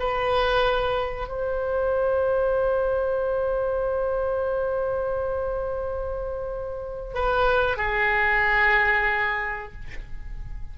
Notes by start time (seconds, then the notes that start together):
0.00 B4
1.29 C5
7.14 B4
7.77 G#4